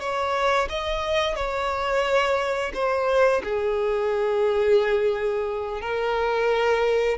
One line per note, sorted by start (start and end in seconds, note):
0.00 0.68 C#5
0.69 1.35 D#5
1.35 2.72 C#5
2.74 3.42 C5
3.44 5.81 G#4
5.81 7.17 A#4